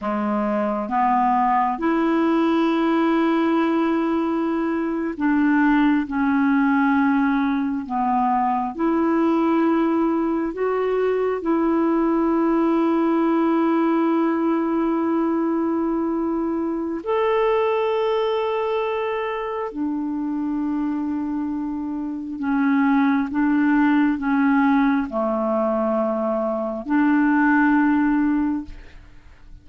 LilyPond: \new Staff \with { instrumentName = "clarinet" } { \time 4/4 \tempo 4 = 67 gis4 b4 e'2~ | e'4.~ e'16 d'4 cis'4~ cis'16~ | cis'8. b4 e'2 fis'16~ | fis'8. e'2.~ e'16~ |
e'2. a'4~ | a'2 d'2~ | d'4 cis'4 d'4 cis'4 | a2 d'2 | }